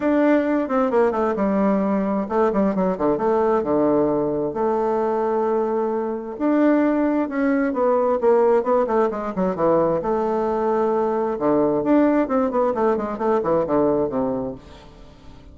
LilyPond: \new Staff \with { instrumentName = "bassoon" } { \time 4/4 \tempo 4 = 132 d'4. c'8 ais8 a8 g4~ | g4 a8 g8 fis8 d8 a4 | d2 a2~ | a2 d'2 |
cis'4 b4 ais4 b8 a8 | gis8 fis8 e4 a2~ | a4 d4 d'4 c'8 b8 | a8 gis8 a8 e8 d4 c4 | }